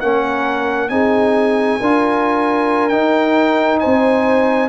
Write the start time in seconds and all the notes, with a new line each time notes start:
0.00 A#3 C#4 A#4 F#5
0.89 C4 D#4 G#4 G#5
1.80 D4 F4 A#4
2.88 D#4 G5
3.79 C4 C5 G#5